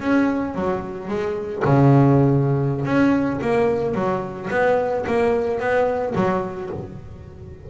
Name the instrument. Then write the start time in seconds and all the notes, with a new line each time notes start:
double bass
0.00 C#4
0.55 F#3
1.08 G#3
1.64 C#3
2.85 C#4
3.41 A#3
3.94 F#3
4.50 B3
5.07 A#3
5.59 B3
6.15 F#3